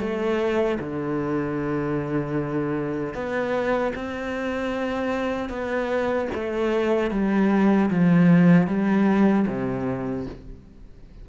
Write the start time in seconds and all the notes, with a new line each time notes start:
0.00 A3
0.80 D3
3.14 B3
3.95 C4
5.49 B3
6.34 A3
7.11 G3
7.91 F3
8.67 G3
9.48 C3